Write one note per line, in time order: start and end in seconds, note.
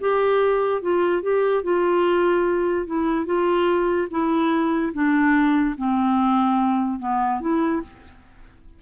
0.00 0.81 G4
0.81 1.22 F4
1.22 1.63 G4
1.63 2.86 F4
2.86 3.25 E4
3.25 4.08 F4
4.10 4.92 E4
4.93 5.75 D4
5.77 6.99 C4
6.99 7.40 B3
7.40 7.82 E4